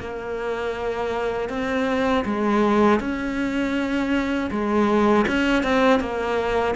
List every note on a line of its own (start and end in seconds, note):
0.00 1.49 A#3
1.49 2.24 C4
2.25 3.00 G#3
3.00 4.50 C#4
4.51 5.26 G#3
5.27 5.63 C#4
5.63 6.00 C4
6.00 6.75 A#3